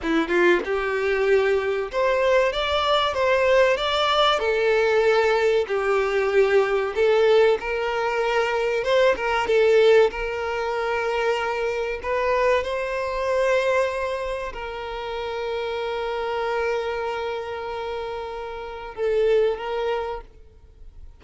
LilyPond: \new Staff \with { instrumentName = "violin" } { \time 4/4 \tempo 4 = 95 e'8 f'8 g'2 c''4 | d''4 c''4 d''4 a'4~ | a'4 g'2 a'4 | ais'2 c''8 ais'8 a'4 |
ais'2. b'4 | c''2. ais'4~ | ais'1~ | ais'2 a'4 ais'4 | }